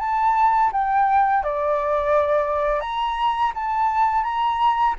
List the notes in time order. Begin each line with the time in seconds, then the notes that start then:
0.00 A5
0.73 G5
1.44 D5
2.81 A#5
3.55 A5
4.24 A#5